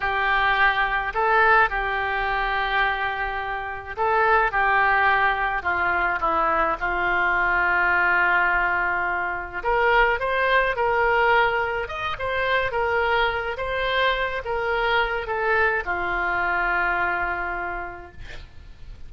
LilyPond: \new Staff \with { instrumentName = "oboe" } { \time 4/4 \tempo 4 = 106 g'2 a'4 g'4~ | g'2. a'4 | g'2 f'4 e'4 | f'1~ |
f'4 ais'4 c''4 ais'4~ | ais'4 dis''8 c''4 ais'4. | c''4. ais'4. a'4 | f'1 | }